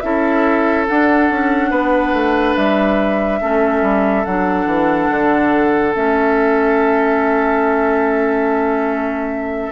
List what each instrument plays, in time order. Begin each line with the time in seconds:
0.00 bassoon C#4, clarinet E4, oboe A4, flute E5
0.88 clarinet D4, bassoon D4, flute F#5
1.30 bassoon C#4
1.70 bassoon B3, oboe B4
2.13 bassoon A3
2.56 bassoon G3, flute E5
3.41 bassoon A3, clarinet C#4, oboe A4
3.82 bassoon G3
4.25 bassoon F#3, clarinet D4, flute F#5
4.66 bassoon E3
5.10 bassoon D3
5.93 bassoon A3, clarinet C#4, flute E5